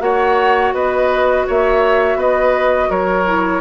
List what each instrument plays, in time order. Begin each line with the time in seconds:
0.00 bassoon A#3, clarinet F#4, oboe C#5, flute F#5
0.73 bassoon B3, oboe B4, flute D#5
1.47 bassoon A#3, oboe C#5, flute E5
2.16 bassoon B3, oboe B4, flute D#5
2.90 bassoon F#3, oboe A#4, flute C#5
3.26 clarinet E4